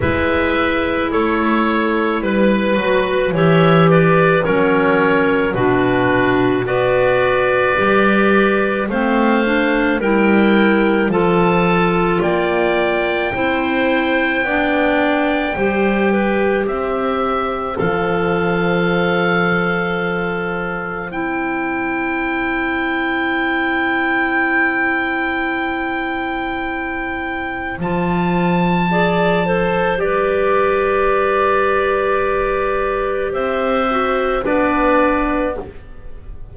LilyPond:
<<
  \new Staff \with { instrumentName = "oboe" } { \time 4/4 \tempo 4 = 54 e''4 cis''4 b'4 e''8 d''8 | cis''4 b'4 d''2 | f''4 g''4 a''4 g''4~ | g''2. e''4 |
f''2. g''4~ | g''1~ | g''4 a''2 d''4~ | d''2 e''4 d''4 | }
  \new Staff \with { instrumentName = "clarinet" } { \time 4/4 b'4 a'4 b'4 cis''8 b'8 | ais'4 fis'4 b'2 | c''4 ais'4 a'4 d''4 | c''4 d''4 c''8 b'8 c''4~ |
c''1~ | c''1~ | c''2 d''8 c''8 b'4~ | b'2 c''4 b'4 | }
  \new Staff \with { instrumentName = "clarinet" } { \time 4/4 e'2~ e'8 fis'8 g'4 | cis'4 d'4 fis'4 g'4 | c'8 d'8 e'4 f'2 | e'4 d'4 g'2 |
a'2. e'4~ | e'1~ | e'4 f'4 gis'8 a'8 g'4~ | g'2~ g'8 fis'8 d'4 | }
  \new Staff \with { instrumentName = "double bass" } { \time 4/4 gis4 a4 g8 fis8 e4 | fis4 b,4 b4 g4 | a4 g4 f4 ais4 | c'4 b4 g4 c'4 |
f2. c'4~ | c'1~ | c'4 f2 g4~ | g2 c'4 b4 | }
>>